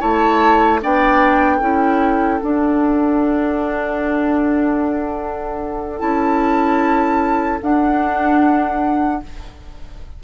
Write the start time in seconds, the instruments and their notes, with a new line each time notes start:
0.00 bassoon A3, clarinet E4, oboe C#5, flute A5
0.82 bassoon B3, clarinet D4, oboe D5, flute G5
1.57 bassoon C#4, clarinet E4, oboe A4
2.42 clarinet D4, bassoon D4, flute F#5
5.99 bassoon C#4, clarinet E4, flute A5
7.63 bassoon D4, clarinet D4, flute F#5